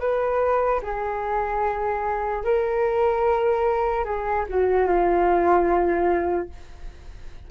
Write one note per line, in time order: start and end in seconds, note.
0.00 0.81 B4
0.83 2.45 G#4
2.45 4.05 A#4
4.05 4.46 G#4
4.50 4.87 F#4
4.87 6.49 F4